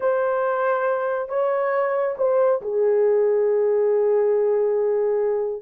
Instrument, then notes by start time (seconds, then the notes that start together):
horn
0.00 C5
1.28 C#5
2.17 C5
2.61 G#4